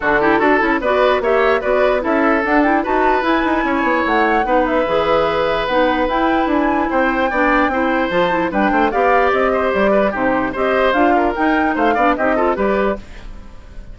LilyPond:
<<
  \new Staff \with { instrumentName = "flute" } { \time 4/4 \tempo 4 = 148 a'2 d''4 e''4 | d''4 e''4 fis''8 g''8 a''4 | gis''2 fis''4. e''8~ | e''2 fis''4 g''4 |
gis''4 g''2. | a''4 g''4 f''4 dis''4 | d''4 c''4 dis''4 f''4 | g''4 f''4 dis''4 d''4 | }
  \new Staff \with { instrumentName = "oboe" } { \time 4/4 fis'8 g'8 a'4 b'4 cis''4 | b'4 a'2 b'4~ | b'4 cis''2 b'4~ | b'1~ |
b'4 c''4 d''4 c''4~ | c''4 b'8 c''8 d''4. c''8~ | c''8 b'8 g'4 c''4. ais'8~ | ais'4 c''8 d''8 g'8 a'8 b'4 | }
  \new Staff \with { instrumentName = "clarinet" } { \time 4/4 d'8 e'8 fis'8 e'8 fis'4 g'4 | fis'4 e'4 d'8 e'8 fis'4 | e'2. dis'4 | gis'2 dis'4 e'4~ |
e'2 d'4 e'4 | f'8 e'8 d'4 g'2~ | g'4 dis'4 g'4 f'4 | dis'4. d'8 dis'8 f'8 g'4 | }
  \new Staff \with { instrumentName = "bassoon" } { \time 4/4 d4 d'8 cis'8 b4 ais4 | b4 cis'4 d'4 dis'4 | e'8 dis'8 cis'8 b8 a4 b4 | e2 b4 e'4 |
d'4 c'4 b4 c'4 | f4 g8 a8 b4 c'4 | g4 c4 c'4 d'4 | dis'4 a8 b8 c'4 g4 | }
>>